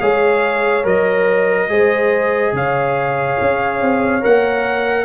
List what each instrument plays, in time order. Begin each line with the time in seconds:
0.00 tuba G#3, trombone G#4, horn C#5, trumpet F5
0.83 tuba F#3, trombone A#4, trumpet D#5
1.68 tuba G#3, trombone G#4, horn C5
2.52 tuba C#3, horn C#5, trumpet F5
3.40 tuba C#4
3.81 tuba C4
4.21 tuba A#3, trombone A#4, trumpet F#5